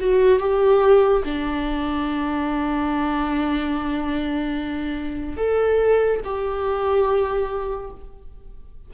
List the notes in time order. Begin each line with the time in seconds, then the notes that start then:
0.00 F#4
0.40 G4
1.25 D4
5.37 A4
6.24 G4